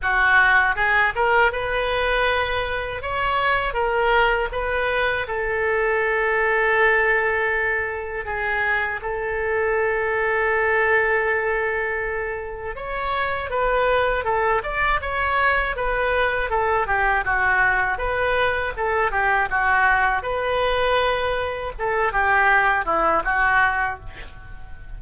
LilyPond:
\new Staff \with { instrumentName = "oboe" } { \time 4/4 \tempo 4 = 80 fis'4 gis'8 ais'8 b'2 | cis''4 ais'4 b'4 a'4~ | a'2. gis'4 | a'1~ |
a'4 cis''4 b'4 a'8 d''8 | cis''4 b'4 a'8 g'8 fis'4 | b'4 a'8 g'8 fis'4 b'4~ | b'4 a'8 g'4 e'8 fis'4 | }